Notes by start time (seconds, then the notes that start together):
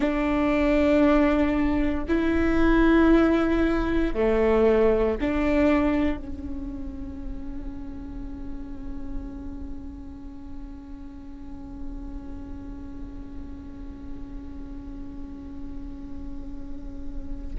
0.00 D4
2.07 E4
4.14 A3
5.21 D4
6.17 C#4